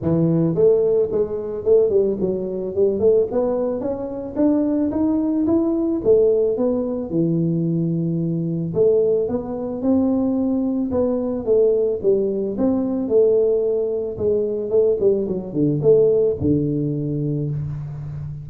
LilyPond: \new Staff \with { instrumentName = "tuba" } { \time 4/4 \tempo 4 = 110 e4 a4 gis4 a8 g8 | fis4 g8 a8 b4 cis'4 | d'4 dis'4 e'4 a4 | b4 e2. |
a4 b4 c'2 | b4 a4 g4 c'4 | a2 gis4 a8 g8 | fis8 d8 a4 d2 | }